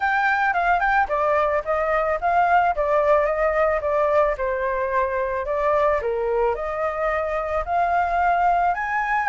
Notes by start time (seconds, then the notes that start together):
0.00 G5
0.53 F5
0.79 G5
1.08 D5
1.64 D#5
2.20 F5
2.75 D5
3.25 D#5
3.81 D5
4.37 C5
5.45 D5
6.01 A#4
6.55 D#5
7.65 F5
8.74 G#5